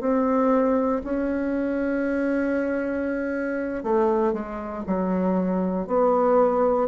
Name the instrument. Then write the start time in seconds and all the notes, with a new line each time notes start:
bassoon
0.00 C4
1.04 C#4
3.83 A3
4.33 G#3
4.87 F#3
5.87 B3